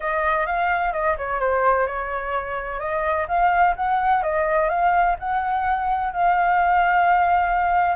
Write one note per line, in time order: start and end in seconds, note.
0.00 0.46 D#5
0.46 0.92 F5
0.92 1.16 D#5
1.17 1.39 C#5
1.39 1.86 C5
1.86 2.79 C#5
2.79 3.26 D#5
3.28 3.75 F5
3.75 4.22 F#5
4.22 4.69 D#5
4.69 5.16 F5
5.19 6.13 F#5
6.13 7.95 F5